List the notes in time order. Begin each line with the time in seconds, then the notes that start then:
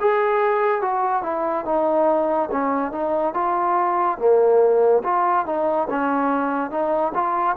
0.00 G#4
0.81 F#4
1.22 E4
1.64 D#4
2.51 C#4
2.92 D#4
3.33 F4
4.18 A#3
5.04 F4
5.45 D#4
5.89 C#4
6.70 D#4
7.14 F4